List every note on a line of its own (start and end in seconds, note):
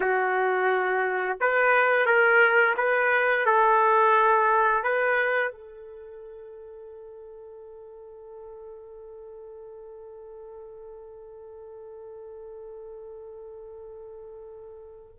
0.00 1.37 F#4
1.40 2.05 B4
2.05 2.74 A#4
2.76 3.45 B4
3.45 4.83 A4
4.83 5.51 B4
5.51 15.17 A4